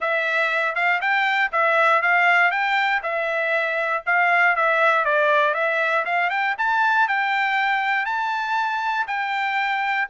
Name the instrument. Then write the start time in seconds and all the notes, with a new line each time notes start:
trumpet
0.00 E5
0.75 F5
1.01 G5
1.51 E5
2.02 F5
2.51 G5
3.02 E5
4.06 F5
4.56 E5
5.04 D5
5.54 E5
6.05 F5
6.29 G5
6.58 A5
7.08 G5
8.05 A5
9.07 G5